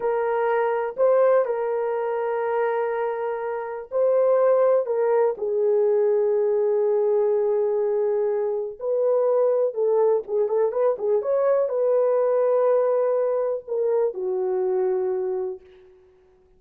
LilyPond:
\new Staff \with { instrumentName = "horn" } { \time 4/4 \tempo 4 = 123 ais'2 c''4 ais'4~ | ais'1 | c''2 ais'4 gis'4~ | gis'1~ |
gis'2 b'2 | a'4 gis'8 a'8 b'8 gis'8 cis''4 | b'1 | ais'4 fis'2. | }